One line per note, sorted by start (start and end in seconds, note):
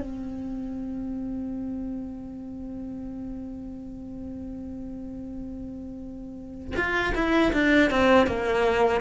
0.00 6.75 C4
6.77 7.14 F4
7.15 7.53 E4
7.53 7.91 D4
7.91 8.27 C4
8.27 9.01 A#3